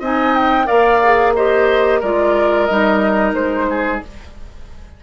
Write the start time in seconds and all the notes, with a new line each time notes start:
0.00 C4 D#4 D#5 G#5
0.36 G5
0.66 A#3 A#4 D5 F5
1.04 G#4
1.35 G4 C5 D#5
2.00 G#3 F4 A#4 D5
2.66 G3 D#4 D#5
3.34 G#3 C5
3.70 G#4